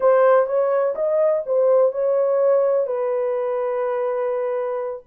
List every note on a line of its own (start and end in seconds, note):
0.00 0.46 C5
0.46 0.94 C#5
0.95 1.43 D#5
1.46 1.92 C5
1.92 2.86 C#5
2.86 5.02 B4